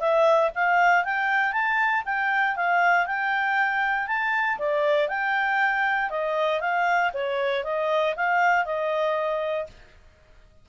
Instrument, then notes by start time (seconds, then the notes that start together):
clarinet
0.00 E5
0.55 F5
1.04 G5
1.52 A5
2.05 G5
2.56 F5
3.06 G5
4.07 A5
4.58 D5
5.08 G5
6.10 D#5
6.60 F5
7.13 C#5
7.64 D#5
8.16 F5
8.65 D#5